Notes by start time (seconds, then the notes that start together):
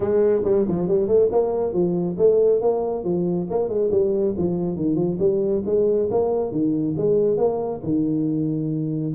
0.00 G#3
0.44 G3
0.68 F3
0.88 G3
1.07 A3
1.31 A#3
1.73 F3
2.18 A3
2.61 A#3
3.03 F3
3.49 A#3
3.68 G#3
3.91 G3
4.37 F3
4.76 D#3
4.95 F3
5.19 G3
5.65 G#3
6.10 A#3
6.51 D#3
6.97 G#3
7.37 A#3
7.83 D#3